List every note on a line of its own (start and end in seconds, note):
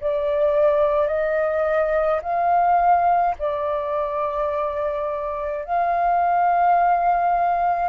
0.00 1.07 D5
1.07 2.20 D#5
2.22 3.35 F5
3.38 5.64 D5
5.64 7.89 F5